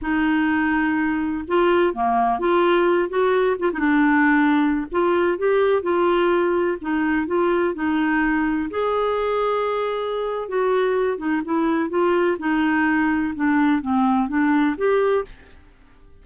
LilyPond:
\new Staff \with { instrumentName = "clarinet" } { \time 4/4 \tempo 4 = 126 dis'2. f'4 | ais4 f'4. fis'4 f'16 dis'16 | d'2~ d'16 f'4 g'8.~ | g'16 f'2 dis'4 f'8.~ |
f'16 dis'2 gis'4.~ gis'16~ | gis'2 fis'4. dis'8 | e'4 f'4 dis'2 | d'4 c'4 d'4 g'4 | }